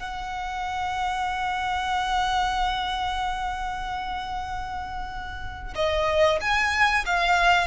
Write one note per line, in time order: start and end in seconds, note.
0.00 5.74 F#5
5.76 6.40 D#5
6.41 7.05 G#5
7.06 7.68 F5